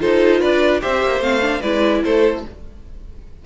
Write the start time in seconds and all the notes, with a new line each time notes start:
0.00 D#4 F4 A4 C5
0.40 D4 B4 D5
0.81 C4 G4 C5 E5
1.03 A#3
1.20 A3 C4 F5
1.42 D4
1.61 G#3 E4 B4 D5
2.04 A3 A4 C5